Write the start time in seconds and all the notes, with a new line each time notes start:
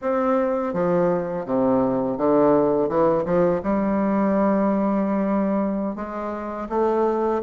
0.01 C4
0.73 F3
1.45 C3
2.17 D3
2.88 E3
3.25 F3
3.63 G3
5.95 G#3
6.69 A3